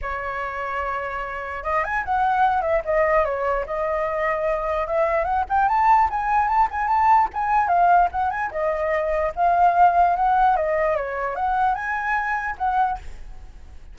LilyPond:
\new Staff \with { instrumentName = "flute" } { \time 4/4 \tempo 4 = 148 cis''1 | dis''8 gis''8 fis''4. e''8 dis''4 | cis''4 dis''2. | e''4 fis''8 g''8 a''4 gis''4 |
a''8 gis''8 a''4 gis''4 f''4 | fis''8 gis''8 dis''2 f''4~ | f''4 fis''4 dis''4 cis''4 | fis''4 gis''2 fis''4 | }